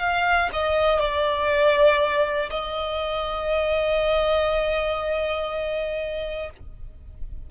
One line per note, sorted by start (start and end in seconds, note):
0.00 0.50 F5
0.53 1.00 D#5
1.00 2.50 D5
2.51 6.51 D#5